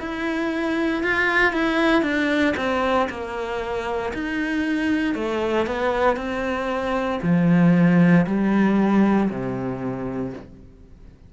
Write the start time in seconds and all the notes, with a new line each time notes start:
0.00 E4
1.03 F4
1.53 E4
2.03 D4
2.57 C4
3.10 A#3
4.14 D#4
5.15 A3
5.67 B3
6.16 C4
7.23 F3
8.27 G3
9.30 C3